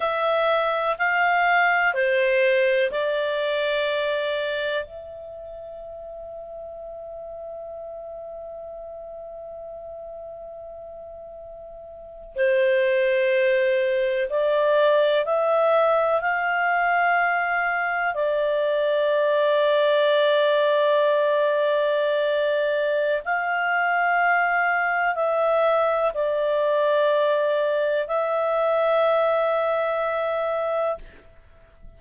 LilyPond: \new Staff \with { instrumentName = "clarinet" } { \time 4/4 \tempo 4 = 62 e''4 f''4 c''4 d''4~ | d''4 e''2.~ | e''1~ | e''8. c''2 d''4 e''16~ |
e''8. f''2 d''4~ d''16~ | d''1 | f''2 e''4 d''4~ | d''4 e''2. | }